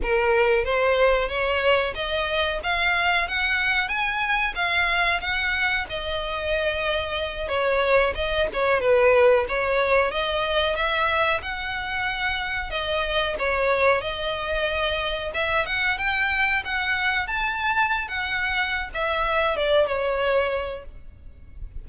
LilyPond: \new Staff \with { instrumentName = "violin" } { \time 4/4 \tempo 4 = 92 ais'4 c''4 cis''4 dis''4 | f''4 fis''4 gis''4 f''4 | fis''4 dis''2~ dis''8 cis''8~ | cis''8 dis''8 cis''8 b'4 cis''4 dis''8~ |
dis''8 e''4 fis''2 dis''8~ | dis''8 cis''4 dis''2 e''8 | fis''8 g''4 fis''4 a''4~ a''16 fis''16~ | fis''4 e''4 d''8 cis''4. | }